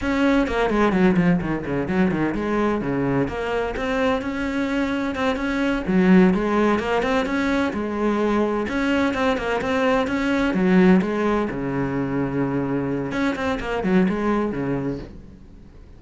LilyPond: \new Staff \with { instrumentName = "cello" } { \time 4/4 \tempo 4 = 128 cis'4 ais8 gis8 fis8 f8 dis8 cis8 | fis8 dis8 gis4 cis4 ais4 | c'4 cis'2 c'8 cis'8~ | cis'8 fis4 gis4 ais8 c'8 cis'8~ |
cis'8 gis2 cis'4 c'8 | ais8 c'4 cis'4 fis4 gis8~ | gis8 cis2.~ cis8 | cis'8 c'8 ais8 fis8 gis4 cis4 | }